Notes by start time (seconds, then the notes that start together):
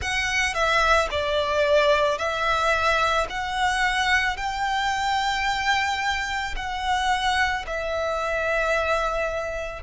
0.01 F#5
0.54 E5
1.10 D5
2.18 E5
3.29 F#5
4.36 G5
6.56 F#5
7.67 E5